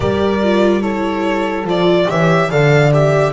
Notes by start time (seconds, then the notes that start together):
0.00 G3 G4 A#4 D5
0.43 F4
0.81 E4 A4 C#5
1.64 F3 F4 D5
2.08 E3 G4 C#5 E5
2.49 D3 A4 D5 F5
2.91 G4 E5